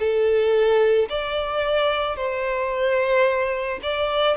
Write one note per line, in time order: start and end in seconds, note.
0.00 1.09 A4
1.10 2.16 D5
2.16 3.80 C5
3.83 4.37 D5